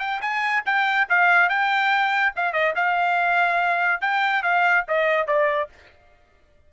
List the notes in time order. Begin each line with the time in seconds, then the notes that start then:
0.00 G5
0.22 G#5
0.66 G5
1.09 F5
1.50 G5
2.36 F5
2.53 D#5
2.76 F5
4.02 G5
4.43 F5
4.88 D#5
5.28 D5